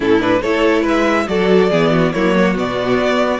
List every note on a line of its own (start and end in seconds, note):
0.00 0.41 A2
0.00 0.19 C#4
0.00 0.40 E4
0.00 0.21 A4
0.19 0.41 D4
0.19 0.41 B4
0.41 0.84 A3
0.41 1.27 E4
0.41 0.81 A4
0.41 0.84 C#5
0.81 1.27 G#3
0.81 1.24 B4
0.88 1.27 E5
1.27 1.70 F#3
1.27 1.70 F#4
1.27 1.70 A4
1.27 2.12 D5
1.70 2.13 E3
1.70 2.13 B3
1.70 1.91 G#4
1.91 2.12 F#4
2.12 2.57 F#3
2.12 2.54 A#3
2.12 2.34 E4
2.12 2.55 C#5
2.39 3.40 F#4
2.54 2.98 B2
2.54 3.39 B3
2.54 3.40 D5
2.98 3.40 B3